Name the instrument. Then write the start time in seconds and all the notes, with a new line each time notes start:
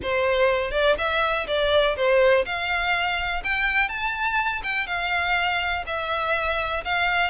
violin
0.02 C5
0.71 D5
0.98 E5
1.47 D5
1.96 C5
2.45 F5
3.43 G5
3.88 A5
4.63 G5
4.86 F5
5.86 E5
6.84 F5